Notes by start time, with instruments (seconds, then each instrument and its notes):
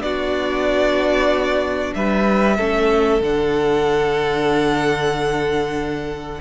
0.00 cello B3, viola D4, violin F#4 D5
1.94 cello G3, violin B4 E5
2.57 cello A3, viola C#4, violin A4
3.21 cello D3, viola D4, violin F#5